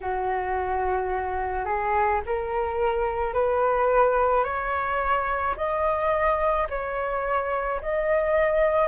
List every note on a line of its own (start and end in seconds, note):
0.00 1.65 F#4
1.65 2.20 G#4
2.25 3.33 A#4
3.33 4.43 B4
4.43 5.55 C#5
5.56 6.67 D#5
6.69 7.80 C#5
7.81 8.88 D#5